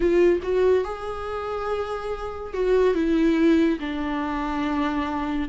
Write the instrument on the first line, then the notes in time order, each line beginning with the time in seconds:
viola
0.00 F4
0.42 F#4
0.84 G#4
2.53 F#4
2.94 E4
3.79 D4